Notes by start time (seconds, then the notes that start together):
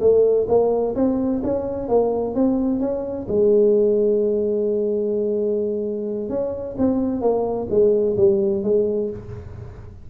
0.00 A3
0.48 A#3
0.95 C4
1.43 C#4
1.88 A#3
2.35 C4
2.80 C#4
3.28 G#3
6.29 C#4
6.78 C4
7.21 A#3
7.70 G#3
8.16 G3
8.63 G#3